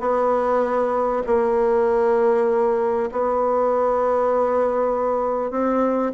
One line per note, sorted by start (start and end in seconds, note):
0.00 1.22 B3
1.26 3.10 A#3
3.11 5.51 B3
5.51 6.12 C4